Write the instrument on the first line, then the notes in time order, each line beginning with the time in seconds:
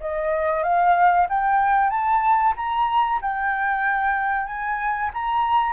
flute
0.00 D#5
0.63 F5
1.29 G5
1.90 A5
2.56 A#5
3.21 G5
4.46 G#5
5.13 A#5